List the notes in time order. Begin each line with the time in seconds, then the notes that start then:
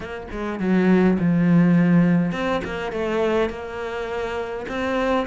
0.00 A#3
0.31 G#3
0.59 F#3
1.18 F3
2.31 C4
2.64 A#3
2.92 A3
3.49 A#3
4.68 C4